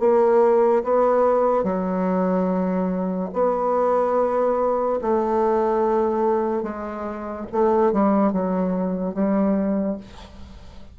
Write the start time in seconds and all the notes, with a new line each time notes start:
0.00 A#3
0.84 B3
1.64 F#3
3.33 B3
5.02 A3
6.63 G#3
7.52 A3
7.92 G3
8.33 F#3
9.14 G3